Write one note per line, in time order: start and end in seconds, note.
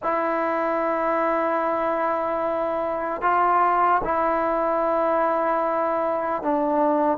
0.02 3.21 E4
3.21 4.01 F4
4.04 6.42 E4
6.42 7.17 D4